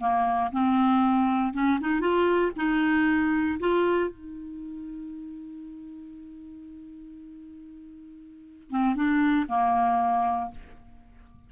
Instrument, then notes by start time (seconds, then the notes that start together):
clarinet
0.00 A#3
0.52 C4
1.53 C#4
1.80 D#4
2.00 F4
2.56 D#4
3.59 F4
4.10 D#4
8.70 C4
8.95 D4
9.48 A#3